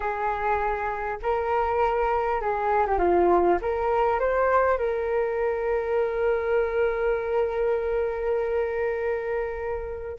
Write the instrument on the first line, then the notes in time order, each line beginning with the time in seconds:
flute
0.00 G#4
1.22 A#4
2.41 G#4
2.86 G4
2.98 F4
3.61 A#4
4.19 C5
4.78 A#4